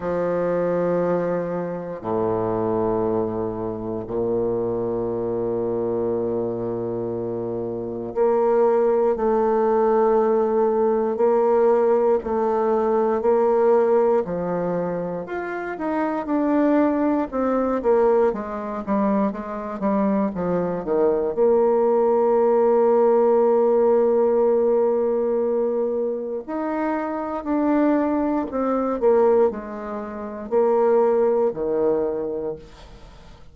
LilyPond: \new Staff \with { instrumentName = "bassoon" } { \time 4/4 \tempo 4 = 59 f2 a,2 | ais,1 | ais4 a2 ais4 | a4 ais4 f4 f'8 dis'8 |
d'4 c'8 ais8 gis8 g8 gis8 g8 | f8 dis8 ais2.~ | ais2 dis'4 d'4 | c'8 ais8 gis4 ais4 dis4 | }